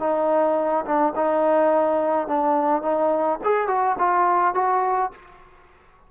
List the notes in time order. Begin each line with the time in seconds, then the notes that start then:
0.00 D#4
0.85 D4
1.16 D#4
2.28 D4
2.82 D#4
3.44 G#4
3.68 F#4
3.99 F4
4.55 F#4